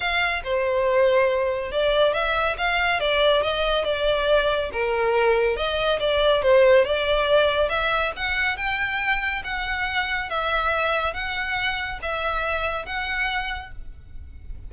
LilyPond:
\new Staff \with { instrumentName = "violin" } { \time 4/4 \tempo 4 = 140 f''4 c''2. | d''4 e''4 f''4 d''4 | dis''4 d''2 ais'4~ | ais'4 dis''4 d''4 c''4 |
d''2 e''4 fis''4 | g''2 fis''2 | e''2 fis''2 | e''2 fis''2 | }